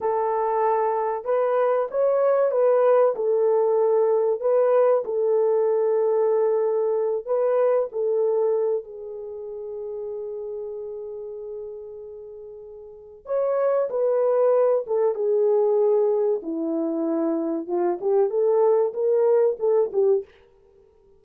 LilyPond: \new Staff \with { instrumentName = "horn" } { \time 4/4 \tempo 4 = 95 a'2 b'4 cis''4 | b'4 a'2 b'4 | a'2.~ a'8 b'8~ | b'8 a'4. gis'2~ |
gis'1~ | gis'4 cis''4 b'4. a'8 | gis'2 e'2 | f'8 g'8 a'4 ais'4 a'8 g'8 | }